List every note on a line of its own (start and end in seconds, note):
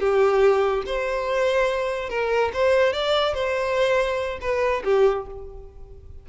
0.00 0.84 G4
0.87 2.10 C5
2.10 2.52 A#4
2.54 2.94 C5
2.94 3.35 D5
3.35 4.39 C5
4.41 4.83 B4
4.84 5.26 G4